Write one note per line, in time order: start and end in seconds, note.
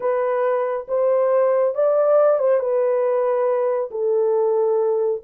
0.00 0.87 B4
0.88 1.75 C5
1.75 2.38 D5
2.38 2.59 C5
2.59 3.90 B4
3.91 5.21 A4